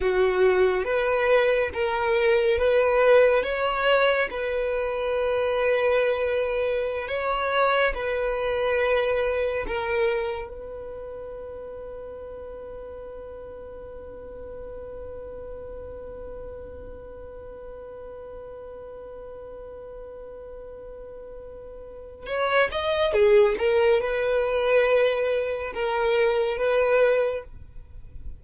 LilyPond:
\new Staff \with { instrumentName = "violin" } { \time 4/4 \tempo 4 = 70 fis'4 b'4 ais'4 b'4 | cis''4 b'2.~ | b'16 cis''4 b'2 ais'8.~ | ais'16 b'2.~ b'8.~ |
b'1~ | b'1~ | b'2 cis''8 dis''8 gis'8 ais'8 | b'2 ais'4 b'4 | }